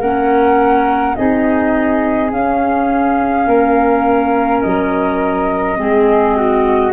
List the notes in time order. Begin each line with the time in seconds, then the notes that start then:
0.00 A#3 C#4 A#4 F#5
1.15 C4 D#4 G#4 D#5
2.30 C#4 F5
3.47 A#3 A#4
4.62 F#3 D#5
5.76 G#3 C4 G#4
6.36 F#4